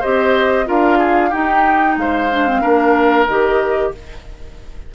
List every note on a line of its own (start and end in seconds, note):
0.00 0.68 C4
0.00 0.66 G4
0.00 0.65 C5
0.00 0.68 D#5
0.66 1.32 D4
0.66 1.31 F4
0.66 0.98 A#4
0.66 1.33 F5
0.98 1.29 G#4
1.29 2.30 D#4
1.29 1.97 D#4
1.29 1.95 G4
1.29 1.98 G5
1.97 2.62 G#3
1.97 2.61 C5
1.97 3.26 F5
2.31 2.47 D4
2.47 2.61 C4
2.61 3.27 A#3
2.61 3.26 D4
2.61 3.92 A#4
3.26 3.93 D#3
3.26 3.94 G4
3.26 3.91 D#5